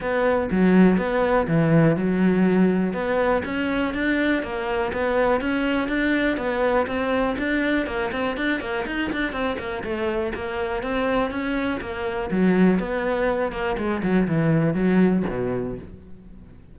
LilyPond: \new Staff \with { instrumentName = "cello" } { \time 4/4 \tempo 4 = 122 b4 fis4 b4 e4 | fis2 b4 cis'4 | d'4 ais4 b4 cis'4 | d'4 b4 c'4 d'4 |
ais8 c'8 d'8 ais8 dis'8 d'8 c'8 ais8 | a4 ais4 c'4 cis'4 | ais4 fis4 b4. ais8 | gis8 fis8 e4 fis4 b,4 | }